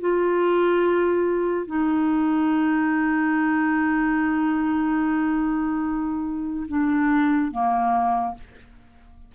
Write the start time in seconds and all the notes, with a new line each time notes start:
0.00 F4
1.67 D#4
6.68 D4
7.52 A#3